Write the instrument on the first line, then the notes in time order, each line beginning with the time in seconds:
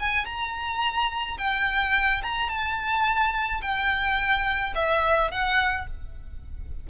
violin
0.00 G#5
0.25 A#5
1.38 G5
2.23 A#5
2.49 A5
3.62 G5
4.75 E5
5.31 F#5